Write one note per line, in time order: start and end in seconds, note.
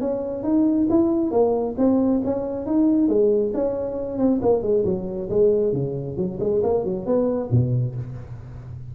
0.00 0.43 C#4
0.43 0.87 D#4
0.90 1.31 E4
1.31 1.75 A#3
1.77 2.21 C4
2.24 2.66 C#4
2.66 3.08 D#4
3.08 3.52 G#3
3.54 4.18 C#4
4.18 4.40 C4
4.42 4.62 A#3
4.62 4.84 G#3
4.84 5.29 F#3
5.29 5.73 G#3
5.73 6.16 C#3
6.16 6.39 F#3
6.40 6.62 G#3
6.63 6.84 A#3
6.84 7.05 F#3
7.05 7.50 B3
7.51 7.95 B2